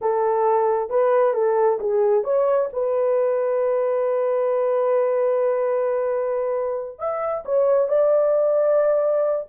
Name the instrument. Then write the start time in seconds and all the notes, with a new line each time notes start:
horn
0.01 A4
0.89 B4
1.33 A4
1.80 G#4
2.24 C#5
2.73 B4
6.98 E5
7.45 C#5
7.88 D5